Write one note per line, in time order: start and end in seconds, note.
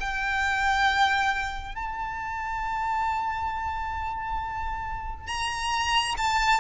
0.00 1.75 G5
1.75 5.27 A5
5.27 6.15 A#5
6.17 6.60 A5